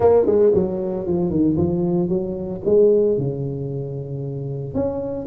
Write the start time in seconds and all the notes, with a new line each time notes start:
0.00 A#3
0.26 G#3
0.54 F#3
1.06 F3
1.30 D#3
1.57 F3
2.08 F#3
2.65 G#3
3.17 C#3
4.74 C#4